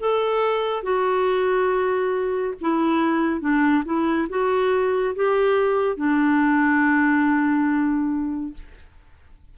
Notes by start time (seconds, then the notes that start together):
0.00 A4
0.83 F#4
2.61 E4
3.41 D4
3.85 E4
4.30 F#4
5.16 G4
5.97 D4